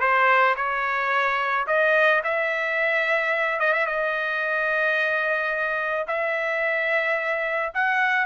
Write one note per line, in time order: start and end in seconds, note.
0.00 0.55 C5
0.56 1.66 C#5
1.67 2.22 D#5
2.24 3.60 E5
3.60 3.73 D#5
3.73 3.86 E5
3.86 6.06 D#5
6.07 7.72 E5
7.74 8.26 F#5